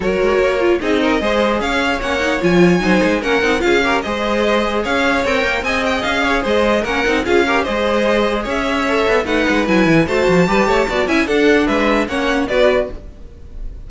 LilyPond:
<<
  \new Staff \with { instrumentName = "violin" } { \time 4/4 \tempo 4 = 149 cis''2 dis''2 | f''4 fis''4 gis''2 | fis''4 f''4 dis''2 | f''4 g''4 gis''8 g''8 f''4 |
dis''4 fis''4 f''4 dis''4~ | dis''4 e''2 fis''4 | gis''4 a''2~ a''8 gis''8 | fis''4 e''4 fis''4 d''4 | }
  \new Staff \with { instrumentName = "violin" } { \time 4/4 ais'2 gis'8 ais'8 c''4 | cis''2. c''4 | ais'4 gis'8 ais'8 c''2 | cis''2 dis''4. cis''8 |
c''4 ais'4 gis'8 ais'8 c''4~ | c''4 cis''2 b'4~ | b'4 c''4 b'8 cis''8 d''8 e''8 | a'4 b'4 cis''4 b'4 | }
  \new Staff \with { instrumentName = "viola" } { \time 4/4 fis'4. f'8 dis'4 gis'4~ | gis'4 cis'8 dis'8 f'4 dis'4 | cis'8 dis'8 f'8 g'8 gis'2~ | gis'4 ais'4 gis'2~ |
gis'4 cis'8 dis'8 f'8 g'8 gis'4~ | gis'2 a'4 dis'4 | e'4 fis'4 g'4 fis'8 e'8 | d'2 cis'4 fis'4 | }
  \new Staff \with { instrumentName = "cello" } { \time 4/4 fis8 gis8 ais4 c'4 gis4 | cis'4 ais4 f4 fis8 gis8 | ais8 c'8 cis'4 gis2 | cis'4 c'8 ais8 c'4 cis'4 |
gis4 ais8 c'8 cis'4 gis4~ | gis4 cis'4. b8 a8 gis8 | fis8 e8 a8 f8 g8 a8 b8 cis'8 | d'4 gis4 ais4 b4 | }
>>